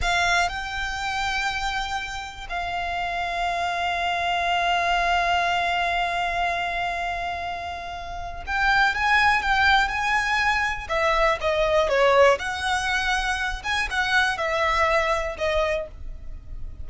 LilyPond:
\new Staff \with { instrumentName = "violin" } { \time 4/4 \tempo 4 = 121 f''4 g''2.~ | g''4 f''2.~ | f''1~ | f''1~ |
f''4 g''4 gis''4 g''4 | gis''2 e''4 dis''4 | cis''4 fis''2~ fis''8 gis''8 | fis''4 e''2 dis''4 | }